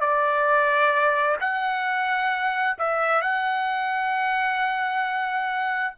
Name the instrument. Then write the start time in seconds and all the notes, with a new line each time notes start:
trumpet
0.00 D5
1.40 F#5
2.78 E5
3.21 F#5